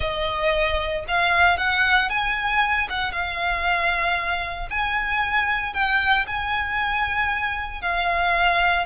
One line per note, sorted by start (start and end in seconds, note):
0.00 1.04 D#5
1.08 1.57 F5
1.57 2.09 F#5
2.09 2.88 G#5
2.89 3.12 F#5
3.12 4.68 F5
4.70 5.73 G#5
5.73 6.25 G5
6.27 7.81 G#5
7.81 8.85 F5